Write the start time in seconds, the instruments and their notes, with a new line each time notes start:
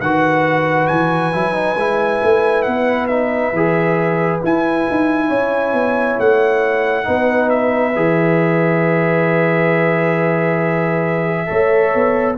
0.00 tuba D#3, trombone F#4, horn B4, trumpet F#5
0.87 tuba E3, trumpet G#5
1.33 tuba F#3, trombone E4
1.53 trombone D#4
1.76 tuba G#3, trombone E4
2.22 tuba A3
2.62 tuba B3, trumpet F#5
3.07 trombone D#4, trumpet E5
3.52 tuba E3, trombone G#4
4.41 trombone E4, tuba E4, trumpet G#5
4.90 tuba D#4
5.27 tuba C#4, horn C#5
5.73 tuba B3
6.19 tuba A3, trumpet F#5
7.04 tuba B3, trombone D#4, horn B4
7.49 trumpet E5
7.95 tuba E3, trombone G#4
11.46 tuba A3, trombone A4, horn C#5
11.94 tuba B3